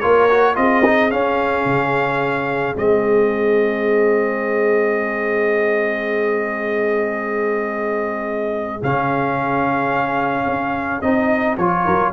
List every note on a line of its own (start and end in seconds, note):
0.00 0.57 A#3
0.00 0.29 F4
0.00 0.56 A#4
0.00 0.55 C#5
0.30 0.55 F#4
0.55 1.12 C4
0.55 0.83 F4
0.55 11.84 G#4
0.55 1.11 D#5
0.85 1.10 D#4
1.10 2.75 C#4
1.10 1.65 C#4
1.10 2.76 F5
1.65 2.75 C#3
2.75 8.82 G#3
2.75 8.80 C4
2.75 8.83 D#5
8.82 10.46 C#3
8.82 11.03 C#4
8.82 11.01 F5
10.46 11.01 C#4
11.01 11.57 C4
11.01 11.58 D#4
11.01 11.56 D#5
11.57 11.85 F3
11.57 12.12 F4
11.57 12.12 C#5
11.84 12.12 F#3
11.84 12.11 A#4